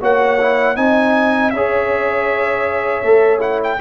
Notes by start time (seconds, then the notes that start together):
0.00 A#3 F#4 C#5 F#5
0.40 E4
0.76 C4 D#4 D#5 G#5
1.50 C#4 G#4 C#5 E5
3.03 A3 A4
3.39 E4 F#5
3.63 G5